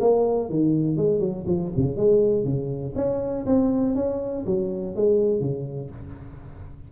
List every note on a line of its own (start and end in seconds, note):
0.00 0.49 A#3
0.49 0.96 D#3
0.96 1.19 G#3
1.19 1.44 F#3
1.47 1.71 F3
1.76 1.96 C#3
1.96 2.44 G#3
2.44 2.94 C#3
2.95 3.45 C#4
3.46 3.95 C4
3.95 4.44 C#4
4.45 4.95 F#3
4.95 5.40 G#3
5.40 5.90 C#3